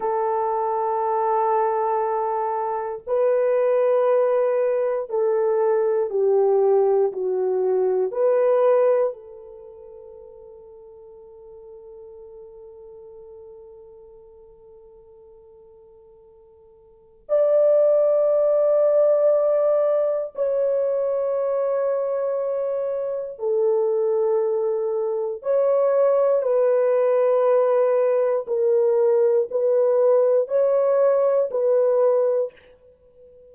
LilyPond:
\new Staff \with { instrumentName = "horn" } { \time 4/4 \tempo 4 = 59 a'2. b'4~ | b'4 a'4 g'4 fis'4 | b'4 a'2.~ | a'1~ |
a'4 d''2. | cis''2. a'4~ | a'4 cis''4 b'2 | ais'4 b'4 cis''4 b'4 | }